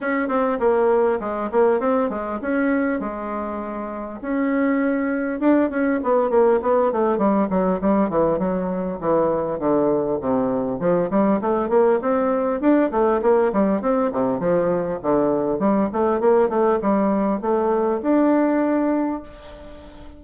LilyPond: \new Staff \with { instrumentName = "bassoon" } { \time 4/4 \tempo 4 = 100 cis'8 c'8 ais4 gis8 ais8 c'8 gis8 | cis'4 gis2 cis'4~ | cis'4 d'8 cis'8 b8 ais8 b8 a8 | g8 fis8 g8 e8 fis4 e4 |
d4 c4 f8 g8 a8 ais8 | c'4 d'8 a8 ais8 g8 c'8 c8 | f4 d4 g8 a8 ais8 a8 | g4 a4 d'2 | }